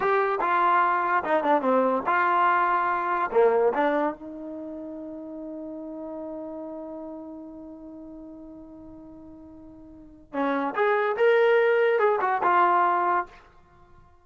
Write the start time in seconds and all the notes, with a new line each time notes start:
0.00 G4
0.40 F4
1.24 D#4
1.43 D4
1.61 C4
2.06 F4
3.31 A#3
3.73 D4
4.13 D#4
10.33 C#4
10.75 G#4
11.16 A#4
11.99 G#4
12.21 F#4
12.43 F4